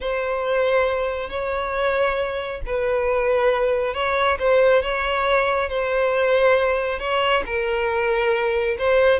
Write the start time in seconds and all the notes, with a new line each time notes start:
0.00 C5
1.29 C#5
2.66 B4
3.94 C#5
4.39 C5
4.82 C#5
5.69 C5
6.99 C#5
7.46 A#4
8.78 C5